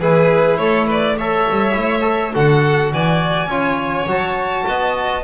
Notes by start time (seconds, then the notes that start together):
0.00 E3 E4 G#4 B4
0.57 A3 A4 C#5
0.87 B4 D5
1.19 A4 C#5 E5
1.51 G3
1.74 A3 E4
2.01 A4
2.34 D3 F#4 A4 F#5
2.94 E3 D5 G#5
3.46 C#4 F4 C#5
4.06 F#3 F#4 A5
4.67 B3 D#5